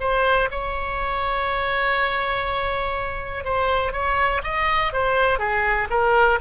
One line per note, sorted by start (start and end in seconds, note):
0.00 0.49 C5
0.51 3.44 C#5
3.44 3.93 C5
3.93 4.42 C#5
4.44 4.93 D#5
4.93 5.38 C5
5.38 5.87 G#4
5.90 6.39 A#4